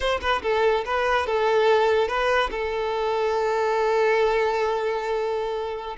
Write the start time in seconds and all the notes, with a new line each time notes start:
0.00 C5
0.21 B4
0.42 A4
0.85 B4
1.26 A4
2.08 B4
2.50 A4